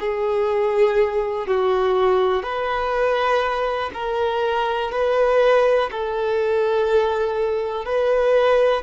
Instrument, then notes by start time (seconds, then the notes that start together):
violin
0.00 G#4
1.47 F#4
2.43 B4
3.94 A#4
4.92 B4
5.92 A4
7.86 B4